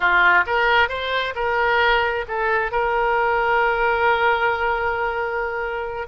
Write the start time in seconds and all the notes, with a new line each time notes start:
0.00 F4
0.46 A#4
0.88 C5
1.35 A#4
2.27 A4
2.71 A#4